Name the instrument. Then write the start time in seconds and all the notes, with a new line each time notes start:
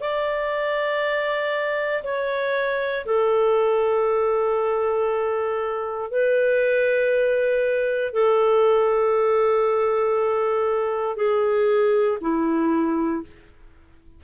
clarinet
0.00 D5
2.03 C#5
3.06 A4
6.11 B4
8.14 A4
11.17 G#4
12.21 E4